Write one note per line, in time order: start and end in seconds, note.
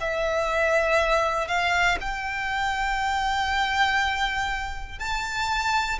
0.00 1.47 E5
1.47 1.97 F5
2.00 4.99 G5
4.99 5.99 A5